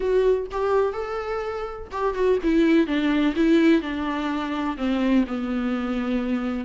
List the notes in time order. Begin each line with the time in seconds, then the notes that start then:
0.00 F#4
0.51 G4
0.92 A4
1.91 G4
2.14 F#4
2.43 E4
2.86 D4
3.35 E4
3.81 D4
4.77 C4
5.27 B3